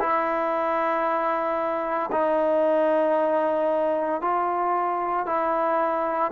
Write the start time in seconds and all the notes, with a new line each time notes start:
0.00 E4
2.11 D#4
4.22 F4
5.26 E4